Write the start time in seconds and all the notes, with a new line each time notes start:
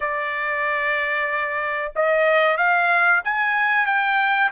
0.00 D5
1.95 D#5
2.57 F5
3.24 G#5
3.85 G5